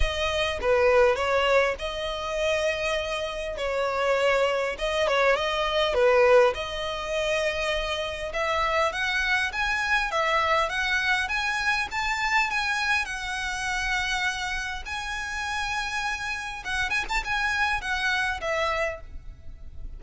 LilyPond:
\new Staff \with { instrumentName = "violin" } { \time 4/4 \tempo 4 = 101 dis''4 b'4 cis''4 dis''4~ | dis''2 cis''2 | dis''8 cis''8 dis''4 b'4 dis''4~ | dis''2 e''4 fis''4 |
gis''4 e''4 fis''4 gis''4 | a''4 gis''4 fis''2~ | fis''4 gis''2. | fis''8 gis''16 a''16 gis''4 fis''4 e''4 | }